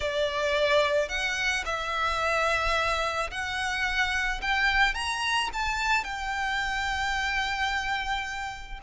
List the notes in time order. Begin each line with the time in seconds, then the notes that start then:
0.00 D5
1.08 F#5
1.65 E5
3.30 F#5
4.41 G5
4.94 A#5
5.53 A5
6.04 G5